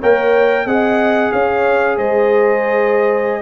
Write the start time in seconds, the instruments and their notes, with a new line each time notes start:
0.00 tuba A#3, trombone A#4, horn C#5, trumpet G5
0.66 tuba C4, trombone G#4, horn D#5, trumpet F#5
1.33 tuba C#4, horn C#5, trumpet F5
1.97 tuba G#3, horn C5, trumpet D#5